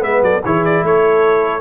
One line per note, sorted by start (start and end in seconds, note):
0.00 0.21 G#3
0.00 0.40 B3
0.00 0.20 B4
0.00 0.23 E5
0.21 0.41 F#3
0.21 0.44 A4
0.21 0.43 D5
0.44 0.82 E3
0.44 1.60 E4
0.44 0.85 G#4
0.44 0.64 C#5
0.64 0.84 D5
0.82 1.60 A3
0.82 1.60 A4
0.82 1.60 C#5